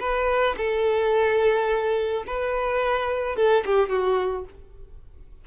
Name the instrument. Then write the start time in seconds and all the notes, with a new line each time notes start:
violin
0.00 B4
0.57 A4
2.27 B4
3.36 A4
3.65 G4
3.89 F#4